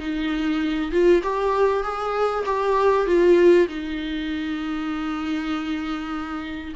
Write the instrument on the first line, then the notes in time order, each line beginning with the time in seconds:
viola
0.00 D#4
0.92 F4
1.23 G4
1.83 G#4
2.46 G4
3.07 F4
3.68 D#4